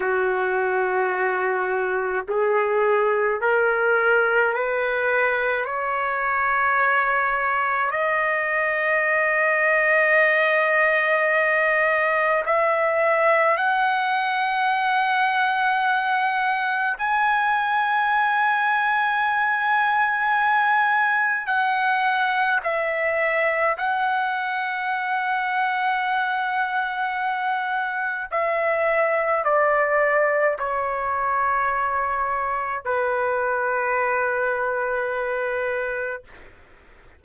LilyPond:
\new Staff \with { instrumentName = "trumpet" } { \time 4/4 \tempo 4 = 53 fis'2 gis'4 ais'4 | b'4 cis''2 dis''4~ | dis''2. e''4 | fis''2. gis''4~ |
gis''2. fis''4 | e''4 fis''2.~ | fis''4 e''4 d''4 cis''4~ | cis''4 b'2. | }